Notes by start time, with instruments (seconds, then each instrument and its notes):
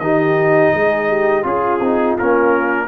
0.00 tuba D#3, trombone D#4, horn G4, trumpet D#5
0.75 tuba G#3, horn G#4
1.09 horn G4
1.43 tuba C#4, trombone F4, horn F4, trumpet G#4
1.80 tuba C4, trombone D#4
2.19 tuba A#3, trombone C#4, trumpet A#4